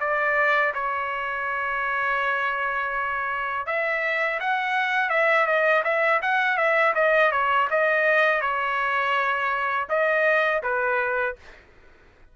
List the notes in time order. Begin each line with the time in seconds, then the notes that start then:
0.00 D5
0.74 C#5
3.67 E5
4.40 F#5
5.10 E5
5.47 D#5
5.84 E5
6.22 F#5
6.57 E5
6.95 D#5
7.32 C#5
7.71 D#5
8.41 C#5
9.89 D#5
10.63 B4